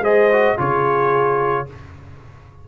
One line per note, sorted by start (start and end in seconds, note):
0.00 0.55 G#3
0.00 0.31 G#4
0.00 0.58 C5
0.00 0.59 D#5
0.33 0.58 F#4
0.58 1.69 C#3
0.58 1.67 F4
0.58 1.67 G#4
0.58 1.69 C#5